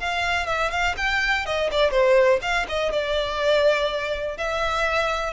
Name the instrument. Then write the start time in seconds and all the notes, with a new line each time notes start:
violin
0.00 F5
0.47 E5
0.71 F5
0.97 G5
1.46 D#5
1.72 D5
1.92 C5
2.42 F5
2.69 D#5
2.92 D5
4.38 E5